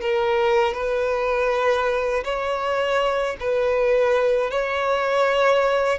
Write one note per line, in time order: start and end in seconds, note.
0.00 0.74 A#4
0.74 2.24 B4
2.24 3.36 C#5
3.40 4.50 B4
4.50 5.98 C#5